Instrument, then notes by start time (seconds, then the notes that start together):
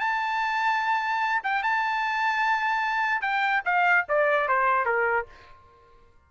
trumpet
0.00 A5
1.43 G5
1.63 A5
3.21 G5
3.65 F5
4.08 D5
4.48 C5
4.85 A#4